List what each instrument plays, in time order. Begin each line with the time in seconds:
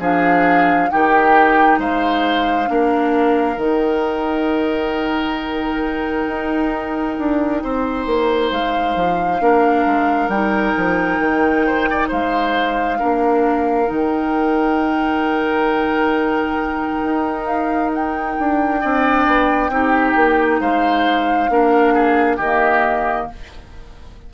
0.00 bassoon F3, clarinet D4, oboe G#4, flute F5
0.90 bassoon D#3, clarinet D#4, oboe G4, flute G5
1.79 bassoon G#3, oboe C5, flute F5
2.66 bassoon A#3, clarinet D4, oboe A#4
3.57 bassoon D#3, clarinet D#4, flute G5
6.29 bassoon D#4
7.18 bassoon D4
7.64 bassoon C4, oboe C5
8.07 bassoon A#3
8.51 bassoon G#3, flute F5
8.96 bassoon F3
9.40 bassoon A#3, clarinet D4, oboe A#4
9.86 bassoon G#3
10.29 bassoon G3, clarinet D#4, flute G5
10.77 bassoon F3
11.19 bassoon D#3
11.67 oboe C5
11.91 oboe D5
12.09 bassoon G#3, oboe C5, flute F5
12.99 bassoon A#3, clarinet D4, oboe A#4
13.86 bassoon D#3, clarinet D#4, flute G5
17.03 bassoon D#4
17.46 flute F5
17.94 flute G5
18.40 bassoon D4
18.81 bassoon C4, clarinet D4, oboe D5
19.27 bassoon B3
19.69 bassoon C4, clarinet D#4, oboe G4
20.16 bassoon A#3
20.60 bassoon G#3, oboe C5, flute F5
21.49 bassoon A#3, clarinet D4, oboe A#4
21.94 oboe G#4
22.37 bassoon D#3, oboe G4, flute D#5
22.44 clarinet A#3